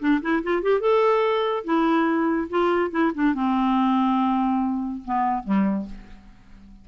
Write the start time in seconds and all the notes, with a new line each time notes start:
0.00 D4
0.22 E4
0.43 F4
0.63 G4
0.81 A4
1.65 E4
2.50 F4
2.91 E4
3.15 D4
3.35 C4
5.05 B3
5.44 G3